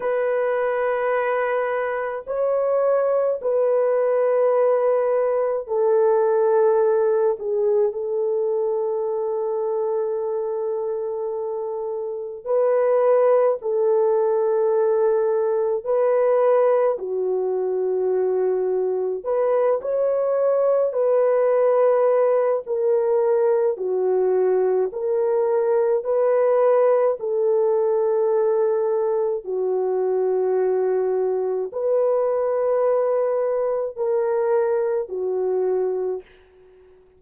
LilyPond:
\new Staff \with { instrumentName = "horn" } { \time 4/4 \tempo 4 = 53 b'2 cis''4 b'4~ | b'4 a'4. gis'8 a'4~ | a'2. b'4 | a'2 b'4 fis'4~ |
fis'4 b'8 cis''4 b'4. | ais'4 fis'4 ais'4 b'4 | a'2 fis'2 | b'2 ais'4 fis'4 | }